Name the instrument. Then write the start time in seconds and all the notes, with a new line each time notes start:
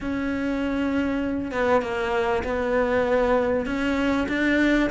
cello
0.01 C#4
1.51 B3
1.82 A#3
2.43 B3
3.65 C#4
4.28 D4